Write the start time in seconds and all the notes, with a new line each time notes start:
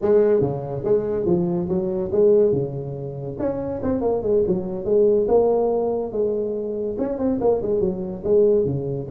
0.01 G#3
0.40 C#3
0.84 G#3
1.25 F3
1.68 F#3
2.12 G#3
2.52 C#3
3.39 C#4
3.82 C4
4.01 A#3
4.22 G#3
4.47 F#3
4.85 G#3
5.27 A#3
6.12 G#3
6.98 C#4
7.18 C4
7.40 A#3
7.62 G#3
7.80 F#3
8.23 G#3
8.65 C#3